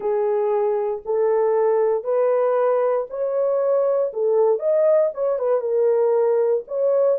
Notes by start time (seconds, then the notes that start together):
0.00 G#4
1.05 A4
2.04 B4
3.10 C#5
4.13 A4
4.59 D#5
5.14 C#5
5.38 B4
5.60 A#4
6.67 C#5